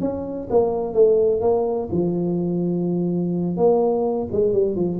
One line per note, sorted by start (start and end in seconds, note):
0.00 0.48 C#4
0.50 0.93 A#3
0.93 1.40 A3
1.40 1.88 A#3
1.91 3.56 F3
3.56 4.28 A#3
4.32 4.52 G#3
4.52 4.75 G3
4.75 4.99 F3